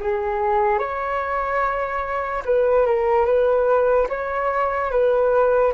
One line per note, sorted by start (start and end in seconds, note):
0.00 0.78 G#4
0.78 2.42 C#5
2.45 2.86 B4
2.86 3.25 A#4
3.25 4.07 B4
4.09 4.91 C#5
4.91 5.73 B4